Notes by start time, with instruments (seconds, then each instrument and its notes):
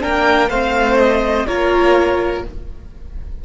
0.00 cello A#3, viola D4, violin A#4 G5
0.49 cello A3, viola C4, violin C5 F5
0.98 violin D#5
1.47 cello A#3, viola F4, violin A#4 C#5